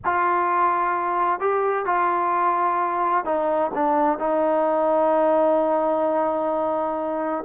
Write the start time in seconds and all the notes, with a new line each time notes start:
0.04 F4
1.40 G4
1.85 F4
3.24 D#4
3.74 D4
4.19 D#4